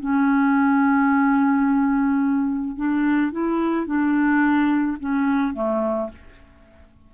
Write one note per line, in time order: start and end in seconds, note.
0.00 2.77 C#4
2.77 3.32 D4
3.32 3.87 E4
3.87 4.98 D4
5.00 5.54 C#4
5.54 6.10 A3